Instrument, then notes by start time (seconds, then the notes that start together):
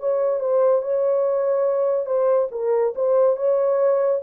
horn
0.00 C#5
0.41 C5
0.82 C#5
2.07 C5
2.52 A#4
2.96 C5
3.36 C#5